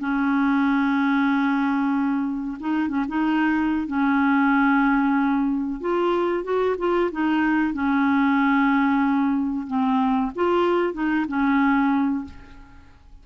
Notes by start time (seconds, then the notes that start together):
0.00 C#4
2.60 D#4
2.89 C#4
3.09 D#4
3.87 C#4
5.81 F4
6.44 F#4
6.79 F4
7.12 D#4
7.74 C#4
9.67 C4
10.36 F4
10.94 D#4
11.28 C#4